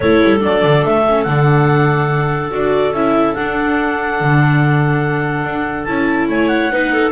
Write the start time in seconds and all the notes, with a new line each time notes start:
0.00 A3 E4 A4 C#5
0.23 G3
0.39 F#3 D4 D5
0.63 D3
0.85 A3 E5
1.08 C#4
1.23 D3 D4 F#5
2.51 D4 F#4 D5
2.92 C#4 E4 E5
3.34 D4 F#5
4.20 D3
5.44 D4
5.84 C#4 E4 A5
6.28 A3 C#5 G#5
6.47 F#5
6.69 B3 D#4 B4
6.93 A4